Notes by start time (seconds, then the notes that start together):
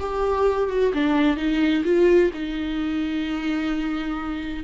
0.00 G4
0.70 F#4
0.94 D4
1.37 D#4
1.85 F4
2.34 D#4